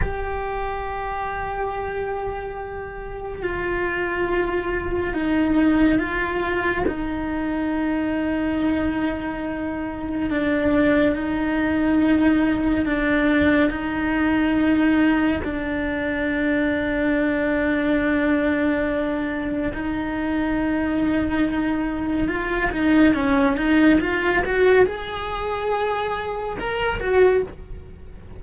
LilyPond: \new Staff \with { instrumentName = "cello" } { \time 4/4 \tempo 4 = 70 g'1 | f'2 dis'4 f'4 | dis'1 | d'4 dis'2 d'4 |
dis'2 d'2~ | d'2. dis'4~ | dis'2 f'8 dis'8 cis'8 dis'8 | f'8 fis'8 gis'2 ais'8 fis'8 | }